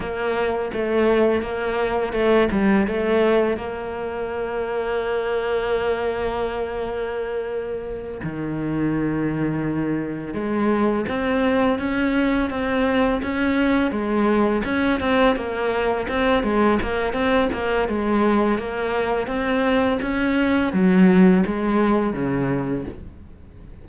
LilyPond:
\new Staff \with { instrumentName = "cello" } { \time 4/4 \tempo 4 = 84 ais4 a4 ais4 a8 g8 | a4 ais2.~ | ais2.~ ais8 dis8~ | dis2~ dis8 gis4 c'8~ |
c'8 cis'4 c'4 cis'4 gis8~ | gis8 cis'8 c'8 ais4 c'8 gis8 ais8 | c'8 ais8 gis4 ais4 c'4 | cis'4 fis4 gis4 cis4 | }